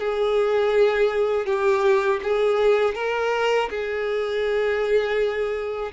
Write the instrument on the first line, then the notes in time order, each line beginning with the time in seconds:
violin
0.00 G#4
1.46 G4
2.24 G#4
2.95 A#4
3.70 G#4